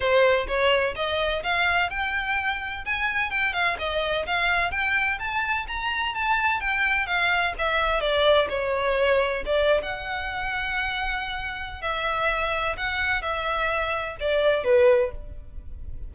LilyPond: \new Staff \with { instrumentName = "violin" } { \time 4/4 \tempo 4 = 127 c''4 cis''4 dis''4 f''4 | g''2 gis''4 g''8 f''8 | dis''4 f''4 g''4 a''4 | ais''4 a''4 g''4 f''4 |
e''4 d''4 cis''2 | d''8. fis''2.~ fis''16~ | fis''4 e''2 fis''4 | e''2 d''4 b'4 | }